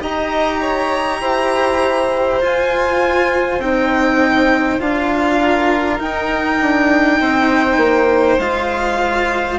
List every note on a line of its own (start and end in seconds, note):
0.00 1.21 D#4
0.00 2.40 G4
0.00 0.60 D#5
0.00 2.43 A#5
0.61 1.21 C#5
1.21 2.41 E4
1.21 5.40 C5
2.41 3.60 F4
2.41 3.59 F4
2.41 3.61 G#5
3.59 4.79 C4
3.59 4.79 D#4
3.59 4.81 G5
4.79 6.00 D4
4.79 5.99 F4
4.79 6.01 F5
5.40 7.20 A#4
5.99 8.38 D#4
5.99 6.61 D#4
5.99 8.40 G5
6.61 7.21 D4
7.20 7.77 C4
7.20 9.59 C5
7.77 8.37 A#3
8.39 9.59 G#3
8.39 9.59 F4
8.39 9.59 F5